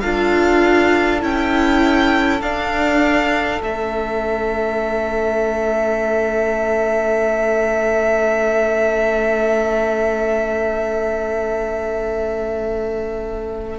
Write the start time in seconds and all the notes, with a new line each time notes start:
0.00 D4 F4 A4 F5
1.20 C#4 E4 G5
2.41 D4 F5
3.61 A3 C#4 E5